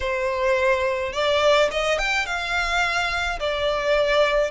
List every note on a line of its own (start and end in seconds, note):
0.00 1.12 C5
1.12 1.69 D5
1.71 1.98 D#5
1.98 2.26 G5
2.26 3.39 F5
3.39 4.51 D5